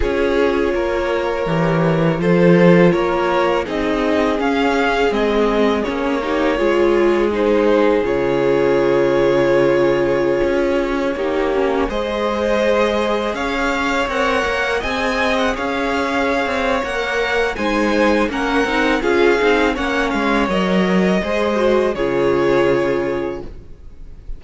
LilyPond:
<<
  \new Staff \with { instrumentName = "violin" } { \time 4/4 \tempo 4 = 82 cis''2. c''4 | cis''4 dis''4 f''4 dis''4 | cis''2 c''4 cis''4~ | cis''1~ |
cis''16 dis''2 f''4 fis''8.~ | fis''16 gis''8. fis''16 f''4.~ f''16 fis''4 | gis''4 fis''4 f''4 fis''8 f''8 | dis''2 cis''2 | }
  \new Staff \with { instrumentName = "violin" } { \time 4/4 gis'4 ais'2 a'4 | ais'4 gis'2.~ | gis'8 g'8 gis'2.~ | gis'2.~ gis'16 g'8.~ |
g'16 c''2 cis''4.~ cis''16~ | cis''16 dis''4 cis''2~ cis''8. | c''4 ais'4 gis'4 cis''4~ | cis''4 c''4 gis'2 | }
  \new Staff \with { instrumentName = "viola" } { \time 4/4 f'2 g'4 f'4~ | f'4 dis'4 cis'4 c'4 | cis'8 dis'8 f'4 dis'4 f'4~ | f'2.~ f'16 dis'8 cis'16~ |
cis'16 gis'2. ais'8.~ | ais'16 gis'2~ gis'8. ais'4 | dis'4 cis'8 dis'8 f'8 dis'8 cis'4 | ais'4 gis'8 fis'8 f'2 | }
  \new Staff \with { instrumentName = "cello" } { \time 4/4 cis'4 ais4 e4 f4 | ais4 c'4 cis'4 gis4 | ais4 gis2 cis4~ | cis2~ cis16 cis'4 ais8.~ |
ais16 gis2 cis'4 c'8 ais16~ | ais16 c'4 cis'4~ cis'16 c'8 ais4 | gis4 ais8 c'8 cis'8 c'8 ais8 gis8 | fis4 gis4 cis2 | }
>>